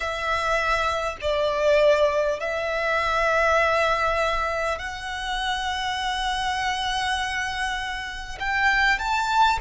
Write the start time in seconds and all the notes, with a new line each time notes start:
0.00 E5
1.21 D5
2.40 E5
4.78 F#5
8.39 G5
8.98 A5